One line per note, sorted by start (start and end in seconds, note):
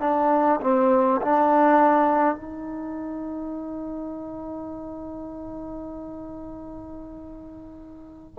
0.00 0.60 D4
0.61 1.21 C4
1.21 2.35 D4
2.35 8.35 D#4